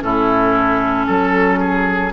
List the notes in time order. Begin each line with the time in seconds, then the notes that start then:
0.00 A2 C#4 E4 A4
1.06 F#3 A4
1.60 G#4